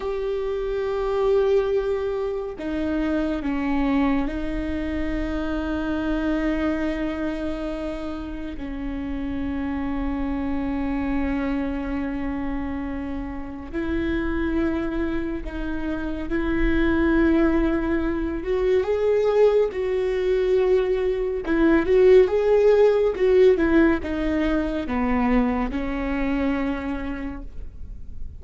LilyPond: \new Staff \with { instrumentName = "viola" } { \time 4/4 \tempo 4 = 70 g'2. dis'4 | cis'4 dis'2.~ | dis'2 cis'2~ | cis'1 |
e'2 dis'4 e'4~ | e'4. fis'8 gis'4 fis'4~ | fis'4 e'8 fis'8 gis'4 fis'8 e'8 | dis'4 b4 cis'2 | }